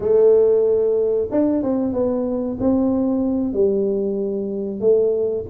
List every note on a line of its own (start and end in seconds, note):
0.00 1.28 A3
1.31 1.62 D4
1.62 1.93 C4
1.93 2.57 B3
2.60 3.53 C4
3.53 4.80 G3
4.80 5.45 A3